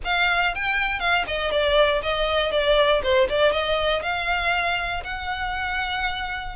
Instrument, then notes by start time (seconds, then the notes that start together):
violin
0.04 F5
0.54 G5
0.99 F5
1.27 D#5
1.51 D5
2.02 D#5
2.51 D5
3.03 C5
3.29 D5
3.52 D#5
4.02 F5
5.04 F#5